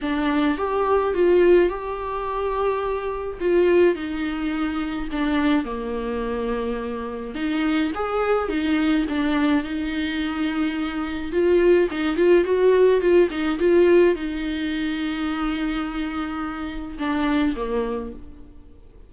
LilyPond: \new Staff \with { instrumentName = "viola" } { \time 4/4 \tempo 4 = 106 d'4 g'4 f'4 g'4~ | g'2 f'4 dis'4~ | dis'4 d'4 ais2~ | ais4 dis'4 gis'4 dis'4 |
d'4 dis'2. | f'4 dis'8 f'8 fis'4 f'8 dis'8 | f'4 dis'2.~ | dis'2 d'4 ais4 | }